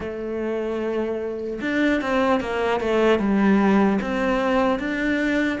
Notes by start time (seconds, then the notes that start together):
0.00 A3
1.61 D4
2.01 C4
2.40 A#3
2.80 A3
3.19 G3
4.01 C4
4.79 D4